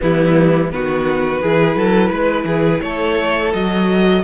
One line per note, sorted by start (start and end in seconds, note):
0.00 0.71 E3
0.00 0.71 G3
0.00 0.71 B3
0.00 0.71 E4
0.71 1.42 D#3
0.71 1.42 B3
0.71 1.42 F#4
0.71 2.81 B4
1.42 1.75 E3
1.42 3.53 E4
1.42 1.76 G#4
1.75 2.11 F#3
1.75 2.09 A4
2.09 2.44 G#3
2.09 2.44 B4
2.44 2.79 E3
2.44 2.81 G#4
2.81 3.53 A3
2.81 4.23 A4
2.81 3.52 C#5
3.53 4.23 F#3
3.53 4.23 F#4
3.53 4.23 D#5